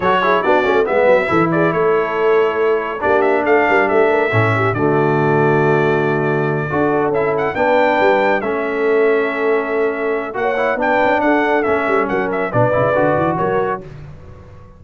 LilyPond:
<<
  \new Staff \with { instrumentName = "trumpet" } { \time 4/4 \tempo 4 = 139 cis''4 d''4 e''4. d''8 | cis''2. d''8 e''8 | f''4 e''2 d''4~ | d''1~ |
d''8 e''8 fis''8 g''2 e''8~ | e''1 | fis''4 g''4 fis''4 e''4 | fis''8 e''8 d''2 cis''4 | }
  \new Staff \with { instrumentName = "horn" } { \time 4/4 a'8 gis'8 fis'4 b'4 a'8 gis'8 | a'2. g'4 | a'8 ais'8 g'8 ais'8 a'8 g'8 fis'4~ | fis'2.~ fis'8 a'8~ |
a'4. b'2 a'8~ | a'1 | cis''4 b'4 a'2 | ais'4 b'2 ais'4 | }
  \new Staff \with { instrumentName = "trombone" } { \time 4/4 fis'8 e'8 d'8 cis'8 b4 e'4~ | e'2. d'4~ | d'2 cis'4 a4~ | a2.~ a8 fis'8~ |
fis'8 e'4 d'2 cis'8~ | cis'1 | fis'8 e'8 d'2 cis'4~ | cis'4 d'8 e'8 fis'2 | }
  \new Staff \with { instrumentName = "tuba" } { \time 4/4 fis4 b8 a8 gis8 fis8 e4 | a2. ais4 | a8 g8 a4 a,4 d4~ | d2.~ d8 d'8~ |
d'8 cis'4 b4 g4 a8~ | a1 | ais4 b8 cis'8 d'4 a8 g8 | fis4 b,8 cis8 d8 e8 fis4 | }
>>